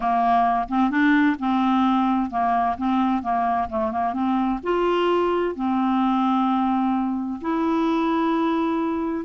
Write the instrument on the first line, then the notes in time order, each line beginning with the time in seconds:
clarinet
0.00 A#3
0.68 C4
0.90 D4
1.39 C4
2.30 A#3
2.77 C4
3.22 A#3
3.69 A3
3.91 A#3
4.13 C4
4.63 F4
5.55 C4
7.41 E4